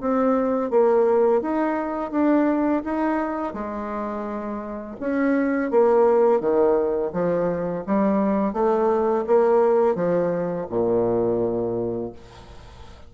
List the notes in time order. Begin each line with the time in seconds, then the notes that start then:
0.00 C4
0.70 A#3
1.41 D#4
2.11 D4
2.84 D#4
3.53 G#3
5.00 C#4
5.70 A#3
6.40 D#3
7.12 F3
7.86 G3
8.53 A3
9.26 A#3
9.95 F3
10.69 A#2